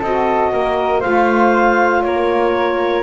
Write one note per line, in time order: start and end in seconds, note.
0.00 0.53 C4
0.00 1.02 F#4
0.00 0.51 A4
0.00 1.02 D#5
0.53 1.04 A#3
0.53 1.01 A#4
1.01 2.05 A3
1.01 3.03 F4
1.01 2.02 C5
1.01 2.03 F5
2.03 3.03 A#3
2.03 3.03 A#4
2.03 3.03 C#5